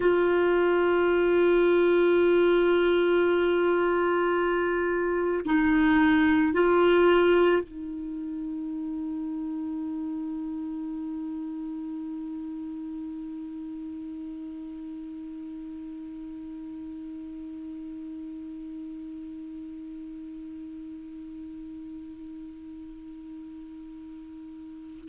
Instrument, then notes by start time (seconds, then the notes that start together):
clarinet
0.00 F4
5.45 D#4
6.53 F4
7.63 D#4